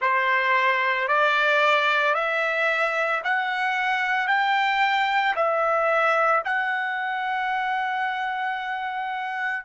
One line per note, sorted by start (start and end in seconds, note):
0.00 1.08 C5
1.08 2.14 D5
2.14 3.21 E5
3.23 4.27 F#5
4.27 5.34 G5
5.35 6.42 E5
6.44 9.64 F#5